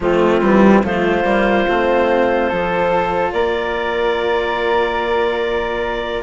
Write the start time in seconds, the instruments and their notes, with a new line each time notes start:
0.00 bassoon F3, cello A3, flute C4, clarinet F4
0.41 bassoon E3, cello G3
0.83 bassoon F3, cello A3, flute F4, clarinet C5
1.24 bassoon G3, cello A#3
1.68 bassoon A3, cello C4
2.48 bassoon F3, cello F4, flute A4
3.32 bassoon A#3, flute A#4, clarinet D5